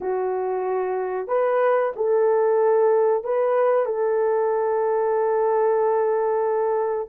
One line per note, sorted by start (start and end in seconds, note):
0.00 1.27 F#4
1.27 1.92 B4
1.96 3.24 A4
3.24 3.85 B4
3.85 7.08 A4